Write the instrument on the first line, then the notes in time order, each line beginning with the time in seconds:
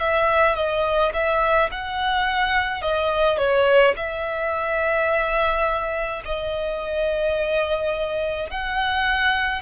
violin
0.00 E5
0.56 D#5
1.14 E5
1.72 F#5
2.83 D#5
3.38 C#5
3.97 E5
6.26 D#5
8.51 F#5